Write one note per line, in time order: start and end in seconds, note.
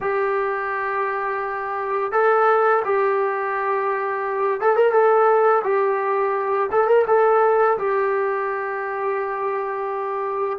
0.00 2.12 G4
2.12 2.82 A4
2.85 4.60 G4
4.60 4.76 A4
4.76 4.92 A#4
4.92 5.62 A4
5.63 6.69 G4
6.71 6.87 A4
6.87 7.05 A#4
7.07 7.77 A4
7.78 10.59 G4